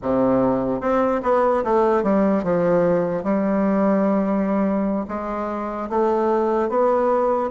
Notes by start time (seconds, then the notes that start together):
0.01 C3
0.80 C4
1.22 B3
1.64 A3
2.03 G3
2.43 F3
3.23 G3
5.08 G#3
5.89 A3
6.69 B3